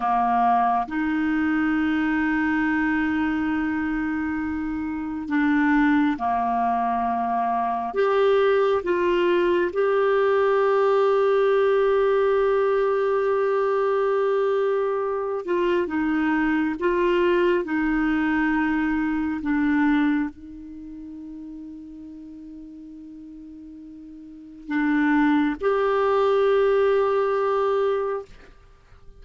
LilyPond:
\new Staff \with { instrumentName = "clarinet" } { \time 4/4 \tempo 4 = 68 ais4 dis'2.~ | dis'2 d'4 ais4~ | ais4 g'4 f'4 g'4~ | g'1~ |
g'4. f'8 dis'4 f'4 | dis'2 d'4 dis'4~ | dis'1 | d'4 g'2. | }